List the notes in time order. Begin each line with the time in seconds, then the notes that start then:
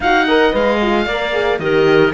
0.00 D#4 F#4 F5 F#5
0.26 A#4 D#5
0.52 G#3 B4 F5
0.81 F4
1.05 A#3 A#4 D5
1.32 G#4
1.59 D#3 G4 A#4 D#5